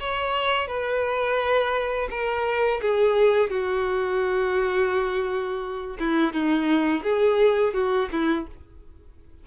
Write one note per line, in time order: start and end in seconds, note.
0.00 0.67 C#5
0.67 2.09 B4
2.10 2.81 A#4
2.82 3.50 G#4
3.50 5.97 F#4
5.99 6.33 E4
6.33 7.03 D#4
7.03 7.74 G#4
7.74 8.09 F#4
8.12 8.47 E4